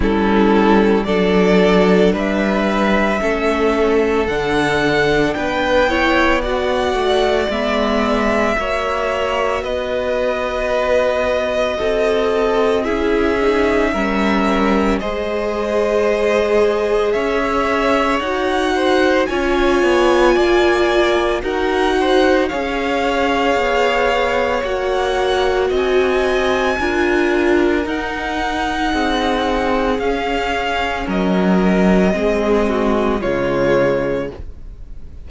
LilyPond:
<<
  \new Staff \with { instrumentName = "violin" } { \time 4/4 \tempo 4 = 56 a'4 d''4 e''2 | fis''4 g''4 fis''4 e''4~ | e''4 dis''2. | e''2 dis''2 |
e''4 fis''4 gis''2 | fis''4 f''2 fis''4 | gis''2 fis''2 | f''4 dis''2 cis''4 | }
  \new Staff \with { instrumentName = "violin" } { \time 4/4 e'4 a'4 b'4 a'4~ | a'4 b'8 cis''8 d''2 | cis''4 b'2 a'4 | gis'4 ais'4 c''2 |
cis''4. c''8 cis''4 d''4 | ais'8 c''8 cis''2. | dis''4 ais'2 gis'4~ | gis'4 ais'4 gis'8 fis'8 f'4 | }
  \new Staff \with { instrumentName = "viola" } { \time 4/4 cis'4 d'2 cis'4 | d'4. e'8 fis'4 b4 | fis'1 | e'8 dis'8 cis'4 gis'2~ |
gis'4 fis'4 f'2 | fis'4 gis'2 fis'4~ | fis'4 f'4 dis'2 | cis'2 c'4 gis4 | }
  \new Staff \with { instrumentName = "cello" } { \time 4/4 g4 fis4 g4 a4 | d4 b4. a8 gis4 | ais4 b2 c'4 | cis'4 g4 gis2 |
cis'4 dis'4 cis'8 b8 ais4 | dis'4 cis'4 b4 ais4 | c'4 d'4 dis'4 c'4 | cis'4 fis4 gis4 cis4 | }
>>